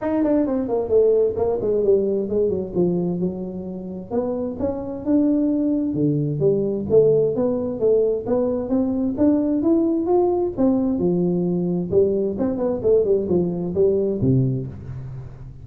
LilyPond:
\new Staff \with { instrumentName = "tuba" } { \time 4/4 \tempo 4 = 131 dis'8 d'8 c'8 ais8 a4 ais8 gis8 | g4 gis8 fis8 f4 fis4~ | fis4 b4 cis'4 d'4~ | d'4 d4 g4 a4 |
b4 a4 b4 c'4 | d'4 e'4 f'4 c'4 | f2 g4 c'8 b8 | a8 g8 f4 g4 c4 | }